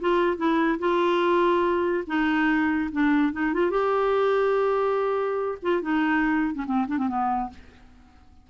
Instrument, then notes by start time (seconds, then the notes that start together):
clarinet
0.00 F4
0.37 E4
0.79 F4
2.07 D#4
2.91 D4
3.33 D#4
3.53 F4
3.71 G4
5.62 F4
5.82 D#4
6.55 C#4
6.66 C4
6.87 D4
6.98 C4
7.08 B3